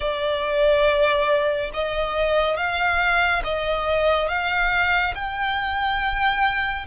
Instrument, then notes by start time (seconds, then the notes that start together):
violin
0.00 D5
1.73 D#5
2.56 F5
3.44 D#5
4.28 F5
5.14 G5